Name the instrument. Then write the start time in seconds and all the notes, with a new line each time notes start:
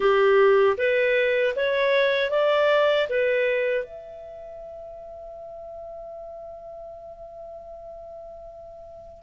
clarinet
0.00 G4
0.77 B4
1.56 C#5
2.30 D5
3.09 B4
3.84 E5